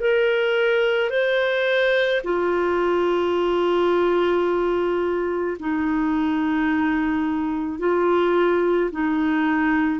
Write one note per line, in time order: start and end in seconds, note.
0.00 1.10 A#4
1.10 2.21 C5
2.24 5.57 F4
5.60 7.79 D#4
7.79 8.90 F4
8.92 9.99 D#4